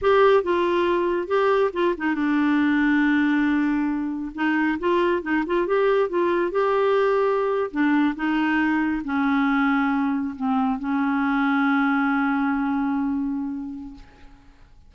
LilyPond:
\new Staff \with { instrumentName = "clarinet" } { \time 4/4 \tempo 4 = 138 g'4 f'2 g'4 | f'8 dis'8 d'2.~ | d'2 dis'4 f'4 | dis'8 f'8 g'4 f'4 g'4~ |
g'4.~ g'16 d'4 dis'4~ dis'16~ | dis'8. cis'2. c'16~ | c'8. cis'2.~ cis'16~ | cis'1 | }